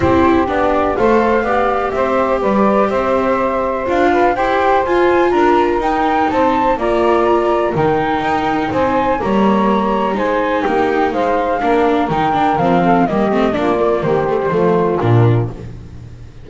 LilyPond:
<<
  \new Staff \with { instrumentName = "flute" } { \time 4/4 \tempo 4 = 124 c''4 d''4 f''2 | e''4 d''4 e''2 | f''4 g''4 gis''4 ais''4 | g''4 a''4 ais''2 |
g''2 gis''4 ais''4~ | ais''4 gis''4 g''4 f''4~ | f''4 g''4 f''4 dis''4 | d''4 c''2 ais'4 | }
  \new Staff \with { instrumentName = "saxophone" } { \time 4/4 g'2 c''4 d''4 | c''4 b'4 c''2~ | c''8 b'8 c''2 ais'4~ | ais'4 c''4 d''2 |
ais'2 c''4 cis''4~ | cis''4 c''4 g'4 c''4 | ais'2~ ais'8 a'8 g'4 | f'4 g'4 f'2 | }
  \new Staff \with { instrumentName = "viola" } { \time 4/4 e'4 d'4 a'4 g'4~ | g'1 | f'4 g'4 f'2 | dis'2 f'2 |
dis'2. ais4~ | ais4 dis'2. | d'4 dis'8 d'8 c'4 ais8 c'8 | d'8 ais4 a16 g16 a4 d'4 | }
  \new Staff \with { instrumentName = "double bass" } { \time 4/4 c'4 b4 a4 b4 | c'4 g4 c'2 | d'4 e'4 f'4 d'4 | dis'4 c'4 ais2 |
dis4 dis'4 c'4 g4~ | g4 gis4 ais4 gis4 | ais4 dis4 f4 g8 a8 | ais4 dis4 f4 ais,4 | }
>>